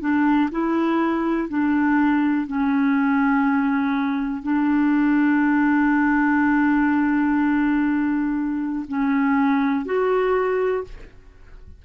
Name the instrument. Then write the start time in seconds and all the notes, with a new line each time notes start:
clarinet
0.00 D4
0.51 E4
1.48 D4
2.47 C#4
4.43 D4
8.88 C#4
9.85 F#4